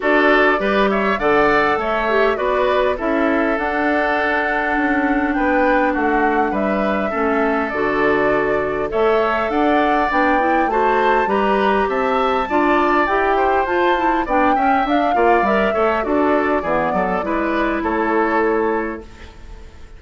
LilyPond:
<<
  \new Staff \with { instrumentName = "flute" } { \time 4/4 \tempo 4 = 101 d''4. e''8 fis''4 e''4 | d''4 e''4 fis''2~ | fis''4 g''4 fis''4 e''4~ | e''4 d''2 e''4 |
fis''4 g''4 a''4 ais''4 | a''2 g''4 a''4 | g''4 f''4 e''4 d''4~ | d''2 cis''2 | }
  \new Staff \with { instrumentName = "oboe" } { \time 4/4 a'4 b'8 cis''8 d''4 cis''4 | b'4 a'2.~ | a'4 b'4 fis'4 b'4 | a'2. cis''4 |
d''2 c''4 b'4 | e''4 d''4. c''4. | d''8 e''4 d''4 cis''8 a'4 | gis'8 a'8 b'4 a'2 | }
  \new Staff \with { instrumentName = "clarinet" } { \time 4/4 fis'4 g'4 a'4. g'8 | fis'4 e'4 d'2~ | d'1 | cis'4 fis'2 a'4~ |
a'4 d'8 e'8 fis'4 g'4~ | g'4 f'4 g'4 f'8 e'8 | d'8 cis'8 d'8 f'8 ais'8 a'8 fis'4 | b4 e'2. | }
  \new Staff \with { instrumentName = "bassoon" } { \time 4/4 d'4 g4 d4 a4 | b4 cis'4 d'2 | cis'4 b4 a4 g4 | a4 d2 a4 |
d'4 b4 a4 g4 | c'4 d'4 e'4 f'4 | b8 cis'8 d'8 ais8 g8 a8 d'4 | e8 fis8 gis4 a2 | }
>>